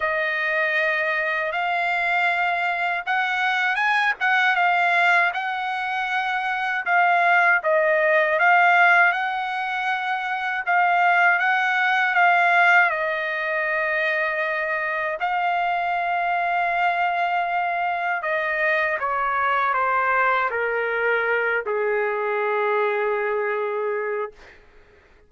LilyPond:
\new Staff \with { instrumentName = "trumpet" } { \time 4/4 \tempo 4 = 79 dis''2 f''2 | fis''4 gis''8 fis''8 f''4 fis''4~ | fis''4 f''4 dis''4 f''4 | fis''2 f''4 fis''4 |
f''4 dis''2. | f''1 | dis''4 cis''4 c''4 ais'4~ | ais'8 gis'2.~ gis'8 | }